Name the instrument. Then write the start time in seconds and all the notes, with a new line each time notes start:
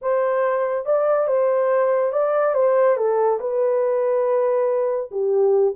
horn
0.01 C5
0.85 D5
1.27 C5
2.12 D5
2.54 C5
2.96 A4
3.40 B4
5.11 G4